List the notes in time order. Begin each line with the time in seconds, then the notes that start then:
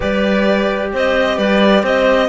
0.00 G3 G4 B4 D5
0.92 C4 C5 D#5
1.37 G3 B4 D5
1.83 C4 C5 D#5